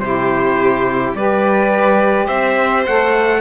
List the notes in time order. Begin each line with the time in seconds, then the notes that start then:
0.00 C3 E4 G4 C5
1.15 G3 G4 B4 D5
2.26 C4 C5 E5
2.86 A3 A4 F#5